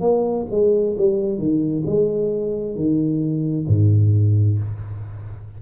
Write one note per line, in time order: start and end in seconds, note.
0.00 0.45 A#3
0.50 0.96 G#3
0.98 1.38 G3
1.38 1.83 D#3
1.86 2.75 G#3
2.75 3.66 D#3
3.67 4.58 G#2